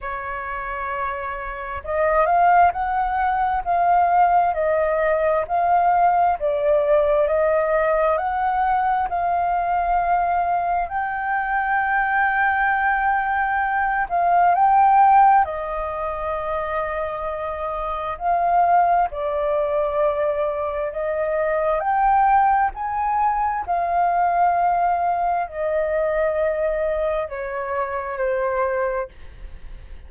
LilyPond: \new Staff \with { instrumentName = "flute" } { \time 4/4 \tempo 4 = 66 cis''2 dis''8 f''8 fis''4 | f''4 dis''4 f''4 d''4 | dis''4 fis''4 f''2 | g''2.~ g''8 f''8 |
g''4 dis''2. | f''4 d''2 dis''4 | g''4 gis''4 f''2 | dis''2 cis''4 c''4 | }